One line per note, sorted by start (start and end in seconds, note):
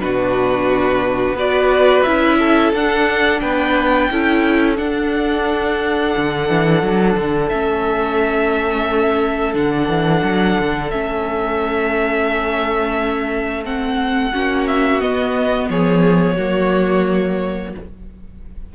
0.00 1.33 B2
0.00 1.36 D4
0.00 1.36 F#4
0.00 1.37 B4
1.33 2.01 B3
1.33 2.06 F#4
1.33 2.38 B4
1.33 2.03 D5
2.03 2.73 C#4
2.03 2.74 E4
2.03 2.71 E5
2.39 3.41 A4
2.73 3.41 D4
2.73 4.12 D4
2.73 3.41 F#5
3.41 4.10 B3
3.41 4.10 B4
3.41 4.77 G5
4.11 4.79 C#4
4.11 4.77 E4
4.11 14.33 A4
4.77 7.49 D4
4.77 6.15 D4
4.77 7.49 F#5
6.17 6.50 D3
6.50 6.83 E3
6.83 7.17 F#3
7.17 7.51 D3
7.49 9.55 A3
7.49 9.54 C#4
7.49 9.54 E5
9.54 9.88 D3
9.54 10.91 D4
9.54 10.91 F#5
9.88 10.23 E3
10.24 10.58 F#3
10.60 10.93 D3
10.91 14.34 A3
10.91 13.64 C#4
10.91 13.64 E5
13.64 14.33 C4
13.64 14.68 F#5
14.33 15.02 A#3
14.33 15.01 C#4
14.33 15.69 F#4
14.68 15.01 E5
15.01 16.37 B3
15.01 15.69 B3
15.01 15.69 D#5
15.69 16.37 F3
15.69 16.36 G#4
15.69 17.74 C#5
16.36 17.75 F#3
16.36 17.75 A#3
16.36 17.72 F#4